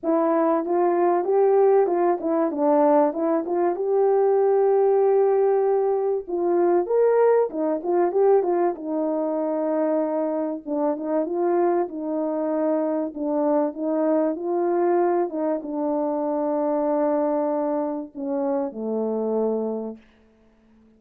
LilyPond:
\new Staff \with { instrumentName = "horn" } { \time 4/4 \tempo 4 = 96 e'4 f'4 g'4 f'8 e'8 | d'4 e'8 f'8 g'2~ | g'2 f'4 ais'4 | dis'8 f'8 g'8 f'8 dis'2~ |
dis'4 d'8 dis'8 f'4 dis'4~ | dis'4 d'4 dis'4 f'4~ | f'8 dis'8 d'2.~ | d'4 cis'4 a2 | }